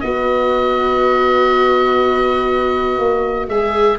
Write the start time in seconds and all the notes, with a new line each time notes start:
0.00 B3 F#4 B4 D#5
2.99 A#3
3.48 G#3 G#4 E5